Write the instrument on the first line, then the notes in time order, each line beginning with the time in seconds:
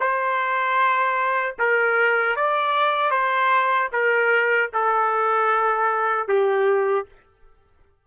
trumpet
0.00 C5
1.59 A#4
2.36 D5
3.11 C5
3.92 A#4
4.73 A4
6.28 G4